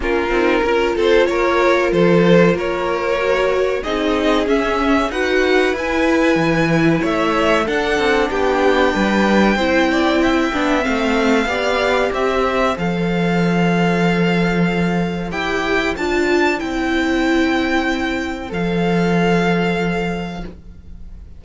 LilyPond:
<<
  \new Staff \with { instrumentName = "violin" } { \time 4/4 \tempo 4 = 94 ais'4. c''8 cis''4 c''4 | cis''2 dis''4 e''4 | fis''4 gis''2 e''4 | fis''4 g''2.~ |
g''4 f''2 e''4 | f''1 | g''4 a''4 g''2~ | g''4 f''2. | }
  \new Staff \with { instrumentName = "violin" } { \time 4/4 f'4 ais'8 a'8 ais'4 a'4 | ais'2 gis'2 | b'2. cis''4 | a'4 g'4 b'4 c''8 d''8 |
e''2 d''4 c''4~ | c''1~ | c''1~ | c''1 | }
  \new Staff \with { instrumentName = "viola" } { \time 4/4 cis'8 dis'8 f'2.~ | f'4 fis'4 dis'4 cis'4 | fis'4 e'2. | d'2. e'4~ |
e'8 d'8 c'4 g'2 | a'1 | g'4 f'4 e'2~ | e'4 a'2. | }
  \new Staff \with { instrumentName = "cello" } { \time 4/4 ais8 c'8 cis'8 c'8 ais4 f4 | ais2 c'4 cis'4 | dis'4 e'4 e4 a4 | d'8 c'8 b4 g4 c'4~ |
c'8 b8 a4 b4 c'4 | f1 | e'4 d'4 c'2~ | c'4 f2. | }
>>